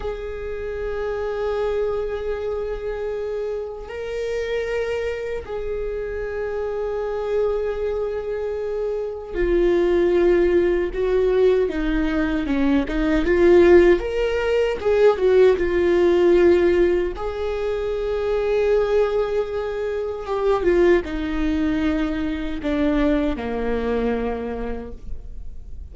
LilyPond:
\new Staff \with { instrumentName = "viola" } { \time 4/4 \tempo 4 = 77 gis'1~ | gis'4 ais'2 gis'4~ | gis'1 | f'2 fis'4 dis'4 |
cis'8 dis'8 f'4 ais'4 gis'8 fis'8 | f'2 gis'2~ | gis'2 g'8 f'8 dis'4~ | dis'4 d'4 ais2 | }